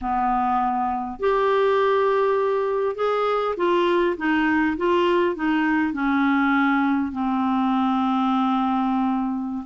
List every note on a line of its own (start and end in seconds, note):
0.01 1.19 B3
1.19 2.95 G4
2.95 3.55 G#4
3.56 4.16 F4
4.17 4.76 D#4
4.77 5.35 F4
5.35 5.93 D#4
5.93 7.12 C#4
7.12 9.64 C4